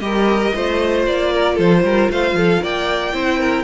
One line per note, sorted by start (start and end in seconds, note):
0.00 0.53 G3
0.00 0.53 G4
0.00 0.55 A#4
0.00 1.04 D#5
0.55 1.07 A3
0.55 3.13 F4
0.55 1.34 C5
1.07 1.59 A#3
1.07 1.59 D5
1.34 1.55 A#4
1.55 1.83 F3
1.55 1.81 A4
1.55 2.11 C5
1.83 2.09 G3
1.83 2.11 A#4
2.11 2.33 A3
2.11 2.37 C5
2.11 2.64 F5
2.33 2.59 F3
2.33 2.63 A4
2.63 3.14 A#3
2.63 3.14 D5
2.63 3.64 G5
3.13 3.64 C4
3.13 3.64 E4
3.13 3.39 C5
3.39 3.64 A#4